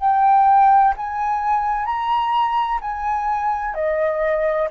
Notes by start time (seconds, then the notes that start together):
0.00 G5
0.97 G#5
1.85 A#5
2.81 G#5
3.75 D#5